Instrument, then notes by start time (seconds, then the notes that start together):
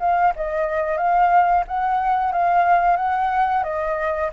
flute
0.00 F5
0.36 D#5
0.98 F5
1.68 F#5
2.32 F5
2.97 F#5
3.64 D#5